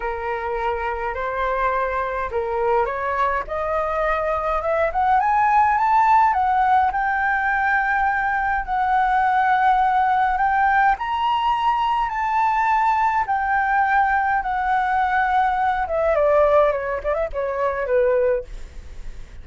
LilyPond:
\new Staff \with { instrumentName = "flute" } { \time 4/4 \tempo 4 = 104 ais'2 c''2 | ais'4 cis''4 dis''2 | e''8 fis''8 gis''4 a''4 fis''4 | g''2. fis''4~ |
fis''2 g''4 ais''4~ | ais''4 a''2 g''4~ | g''4 fis''2~ fis''8 e''8 | d''4 cis''8 d''16 e''16 cis''4 b'4 | }